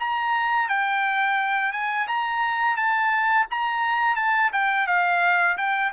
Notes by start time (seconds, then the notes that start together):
0.00 A#5
0.69 G5
1.72 G#5
2.07 A#5
2.77 A5
3.50 A#5
4.16 A5
4.53 G5
4.87 F5
5.57 G5